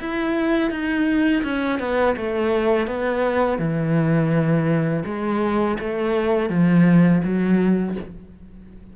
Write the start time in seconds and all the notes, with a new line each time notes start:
0.00 E4
0.71 D#4
1.44 C#4
1.80 B3
2.17 A3
2.87 B3
3.59 E3
5.06 G#3
5.80 A3
6.50 F3
7.24 F#3